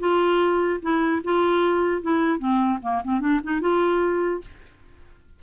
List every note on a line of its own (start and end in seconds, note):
0.00 0.81 F4
0.82 1.23 E4
1.24 2.02 F4
2.02 2.39 E4
2.39 2.80 C4
2.83 3.03 A#3
3.04 3.21 C4
3.21 3.41 D4
3.44 3.61 D#4
3.61 4.42 F4